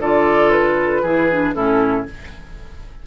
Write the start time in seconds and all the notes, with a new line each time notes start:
0.00 D3 F4 A4 D5
0.51 B4
1.03 E3 E4 G#4
1.31 D4
1.55 A2 C#4 E4 A4